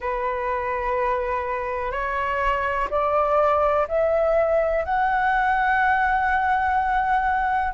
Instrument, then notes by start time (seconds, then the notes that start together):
flute
0.00 B4
1.91 C#5
2.90 D5
3.88 E5
4.84 F#5